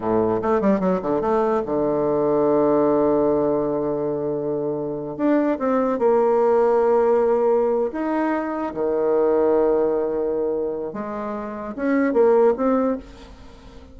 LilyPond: \new Staff \with { instrumentName = "bassoon" } { \time 4/4 \tempo 4 = 148 a,4 a8 g8 fis8 d8 a4 | d1~ | d1~ | d8. d'4 c'4 ais4~ ais16~ |
ais2.~ ais8 dis'8~ | dis'4. dis2~ dis8~ | dis2. gis4~ | gis4 cis'4 ais4 c'4 | }